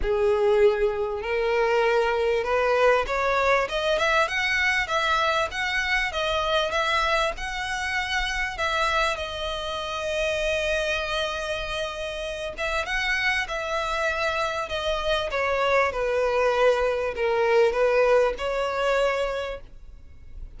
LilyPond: \new Staff \with { instrumentName = "violin" } { \time 4/4 \tempo 4 = 98 gis'2 ais'2 | b'4 cis''4 dis''8 e''8 fis''4 | e''4 fis''4 dis''4 e''4 | fis''2 e''4 dis''4~ |
dis''1~ | dis''8 e''8 fis''4 e''2 | dis''4 cis''4 b'2 | ais'4 b'4 cis''2 | }